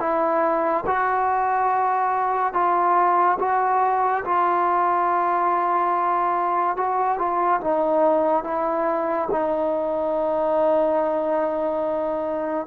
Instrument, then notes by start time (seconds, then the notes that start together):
trombone
0.00 E4
0.87 F#4
2.54 F4
3.40 F#4
4.25 F4
6.77 F#4
7.18 F4
7.61 D#4
8.44 E4
9.31 D#4